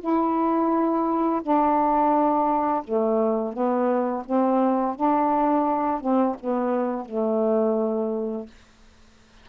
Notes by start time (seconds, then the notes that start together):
0.00 E4
1.42 D4
2.83 A3
3.53 B3
4.25 C4
4.95 D4
6.00 C4
6.40 B3
7.05 A3